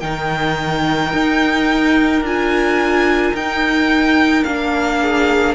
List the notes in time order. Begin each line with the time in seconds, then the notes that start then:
0.00 D#3 D#4 A#4 G5
1.12 D#4
2.21 D4 F4 G#5
3.33 D#4 G5
4.44 A#3 D4 F5
5.00 G#4